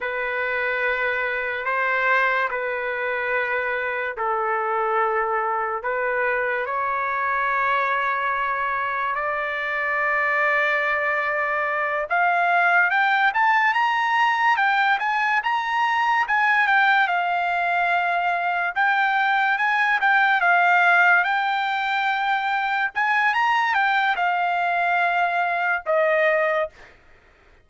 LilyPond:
\new Staff \with { instrumentName = "trumpet" } { \time 4/4 \tempo 4 = 72 b'2 c''4 b'4~ | b'4 a'2 b'4 | cis''2. d''4~ | d''2~ d''8 f''4 g''8 |
a''8 ais''4 g''8 gis''8 ais''4 gis''8 | g''8 f''2 g''4 gis''8 | g''8 f''4 g''2 gis''8 | ais''8 g''8 f''2 dis''4 | }